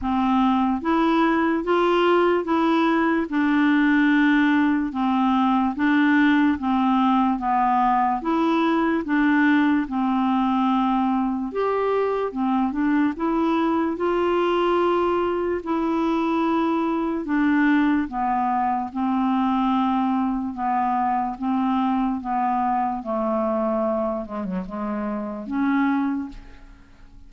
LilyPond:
\new Staff \with { instrumentName = "clarinet" } { \time 4/4 \tempo 4 = 73 c'4 e'4 f'4 e'4 | d'2 c'4 d'4 | c'4 b4 e'4 d'4 | c'2 g'4 c'8 d'8 |
e'4 f'2 e'4~ | e'4 d'4 b4 c'4~ | c'4 b4 c'4 b4 | a4. gis16 fis16 gis4 cis'4 | }